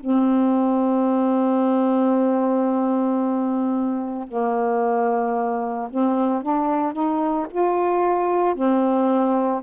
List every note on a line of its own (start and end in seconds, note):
0.00 4.28 C4
4.28 5.88 A#3
5.90 6.42 C4
6.42 6.93 D4
6.93 7.46 D#4
7.50 8.54 F4
8.54 9.61 C4